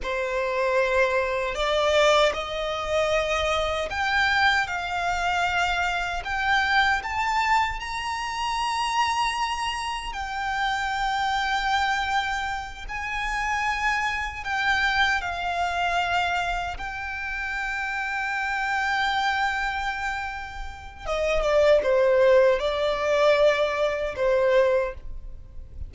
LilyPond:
\new Staff \with { instrumentName = "violin" } { \time 4/4 \tempo 4 = 77 c''2 d''4 dis''4~ | dis''4 g''4 f''2 | g''4 a''4 ais''2~ | ais''4 g''2.~ |
g''8 gis''2 g''4 f''8~ | f''4. g''2~ g''8~ | g''2. dis''8 d''8 | c''4 d''2 c''4 | }